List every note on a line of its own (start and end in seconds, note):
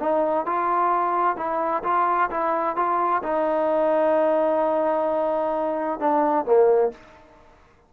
0.00 0.46 D#4
0.46 1.37 F4
1.37 1.83 E4
1.84 2.30 F4
2.30 2.76 E4
2.76 3.22 F4
3.23 6.00 D#4
6.00 6.46 D4
6.46 6.92 A#3